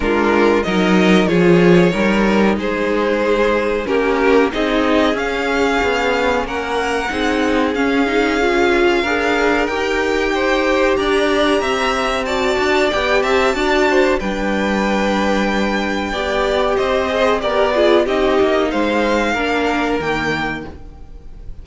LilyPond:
<<
  \new Staff \with { instrumentName = "violin" } { \time 4/4 \tempo 4 = 93 ais'4 dis''4 cis''2 | c''2 ais'4 dis''4 | f''2 fis''2 | f''2. g''4~ |
g''4 ais''2 a''4 | g''8 a''4. g''2~ | g''2 dis''4 d''4 | dis''4 f''2 g''4 | }
  \new Staff \with { instrumentName = "violin" } { \time 4/4 f'4 ais'4 gis'4 ais'4 | gis'2 g'4 gis'4~ | gis'2 ais'4 gis'4~ | gis'2 ais'2 |
c''4 d''4 e''4 d''4~ | d''8 e''8 d''8 c''8 b'2~ | b'4 d''4 c''4 ais'8 gis'8 | g'4 c''4 ais'2 | }
  \new Staff \with { instrumentName = "viola" } { \time 4/4 d'4 dis'4 f'4 dis'4~ | dis'2 cis'4 dis'4 | cis'2. dis'4 | cis'8 dis'8 f'4 gis'4 g'4~ |
g'2. fis'4 | g'4 fis'4 d'2~ | d'4 g'4. gis'8 g'8 f'8 | dis'2 d'4 ais4 | }
  \new Staff \with { instrumentName = "cello" } { \time 4/4 gis4 fis4 f4 g4 | gis2 ais4 c'4 | cis'4 b4 ais4 c'4 | cis'2 d'4 dis'4~ |
dis'4 d'4 c'4. d'8 | b8 c'8 d'4 g2~ | g4 b4 c'4 b4 | c'8 ais8 gis4 ais4 dis4 | }
>>